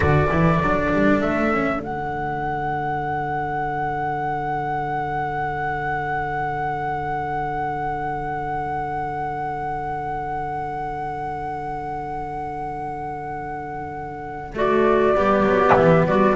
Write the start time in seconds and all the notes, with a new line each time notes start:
0.00 D3 F#4 A4 D5
0.30 E3 E4
0.60 F#3 D4
0.92 G3
1.20 A3 E5
1.53 C#4
1.78 D3 D4 F#5
14.54 A3 F#4 D5
15.16 G3 B3 G4
15.43 F#3
15.75 E3 E5
16.05 G3 F#4 D5